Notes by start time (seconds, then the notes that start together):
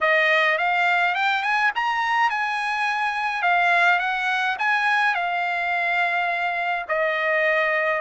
0.01 D#5
0.58 F5
1.14 G5
1.42 G#5
1.75 A#5
2.30 G#5
3.42 F5
3.99 F#5
4.58 G#5
5.14 F5
6.88 D#5